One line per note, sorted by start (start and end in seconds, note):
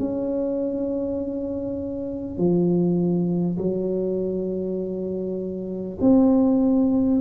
0.00 2.38 C#4
2.38 3.58 F3
3.58 5.98 F#3
6.02 7.22 C4